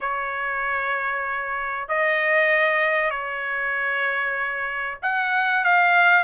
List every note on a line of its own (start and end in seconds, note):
0.00 1.88 C#5
1.88 3.10 D#5
3.10 4.97 C#5
5.02 5.64 F#5
5.64 6.24 F5